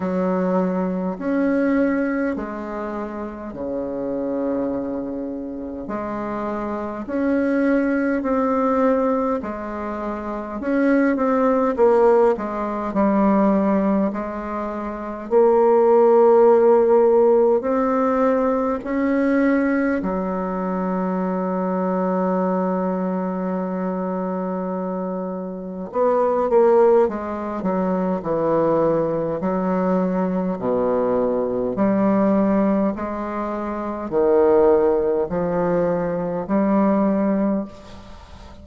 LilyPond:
\new Staff \with { instrumentName = "bassoon" } { \time 4/4 \tempo 4 = 51 fis4 cis'4 gis4 cis4~ | cis4 gis4 cis'4 c'4 | gis4 cis'8 c'8 ais8 gis8 g4 | gis4 ais2 c'4 |
cis'4 fis2.~ | fis2 b8 ais8 gis8 fis8 | e4 fis4 b,4 g4 | gis4 dis4 f4 g4 | }